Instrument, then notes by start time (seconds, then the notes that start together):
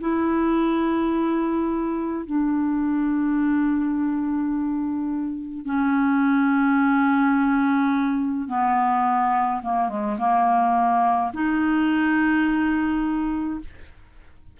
clarinet
0.00 E4
2.26 D4
5.66 C#4
8.48 B3
9.63 A#3
9.89 G#3
10.18 A#3
11.33 D#4